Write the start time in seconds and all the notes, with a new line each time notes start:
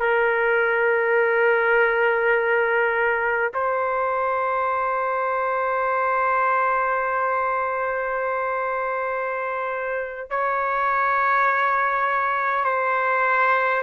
0.00 A#4
3.54 C5
10.30 C#5
12.65 C5